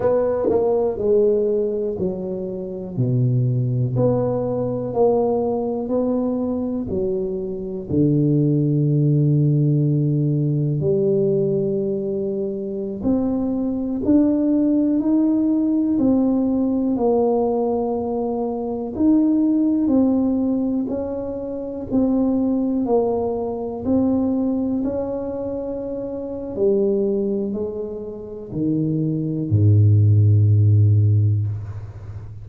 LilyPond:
\new Staff \with { instrumentName = "tuba" } { \time 4/4 \tempo 4 = 61 b8 ais8 gis4 fis4 b,4 | b4 ais4 b4 fis4 | d2. g4~ | g4~ g16 c'4 d'4 dis'8.~ |
dis'16 c'4 ais2 dis'8.~ | dis'16 c'4 cis'4 c'4 ais8.~ | ais16 c'4 cis'4.~ cis'16 g4 | gis4 dis4 gis,2 | }